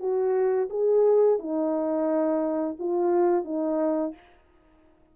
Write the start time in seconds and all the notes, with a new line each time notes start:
0.00 F#4
0.70 G#4
1.39 D#4
2.79 F4
3.45 D#4